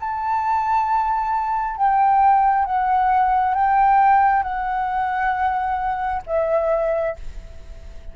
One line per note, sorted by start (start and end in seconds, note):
0.00 1.77 A5
1.77 2.65 G5
2.65 3.54 F#5
3.54 4.43 G5
4.43 6.22 F#5
6.26 7.16 E5